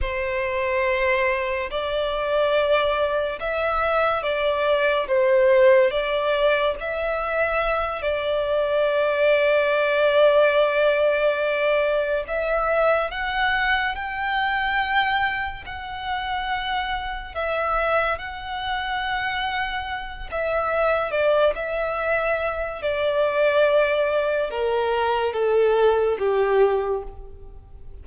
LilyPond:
\new Staff \with { instrumentName = "violin" } { \time 4/4 \tempo 4 = 71 c''2 d''2 | e''4 d''4 c''4 d''4 | e''4. d''2~ d''8~ | d''2~ d''8 e''4 fis''8~ |
fis''8 g''2 fis''4.~ | fis''8 e''4 fis''2~ fis''8 | e''4 d''8 e''4. d''4~ | d''4 ais'4 a'4 g'4 | }